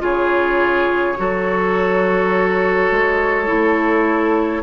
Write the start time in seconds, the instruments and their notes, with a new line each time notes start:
0.00 bassoon C#3, clarinet F4, oboe G#4, flute C#5
1.18 bassoon F#3, clarinet F#4, oboe A4
2.91 bassoon G#3
3.47 bassoon A3, clarinet E4